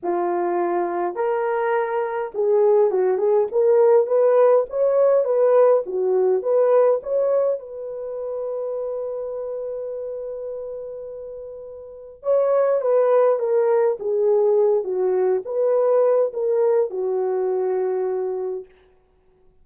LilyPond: \new Staff \with { instrumentName = "horn" } { \time 4/4 \tempo 4 = 103 f'2 ais'2 | gis'4 fis'8 gis'8 ais'4 b'4 | cis''4 b'4 fis'4 b'4 | cis''4 b'2.~ |
b'1~ | b'4 cis''4 b'4 ais'4 | gis'4. fis'4 b'4. | ais'4 fis'2. | }